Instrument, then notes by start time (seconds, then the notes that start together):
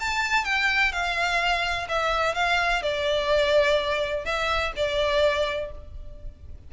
violin
0.00 A5
0.45 G5
0.92 F5
1.89 E5
2.35 F5
2.82 D5
4.25 E5
4.77 D5